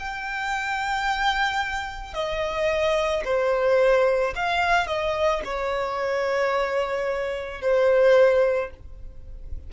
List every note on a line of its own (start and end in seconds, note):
0.00 2.14 G5
2.14 3.23 D#5
3.25 4.34 C5
4.36 4.87 F5
4.87 5.42 D#5
5.45 7.62 C#5
7.62 8.71 C5